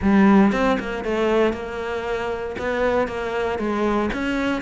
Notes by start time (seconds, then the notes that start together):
0.01 G3
0.52 C4
0.79 A#3
1.04 A3
1.53 A#3
2.58 B3
3.07 A#3
3.58 G#3
4.13 C#4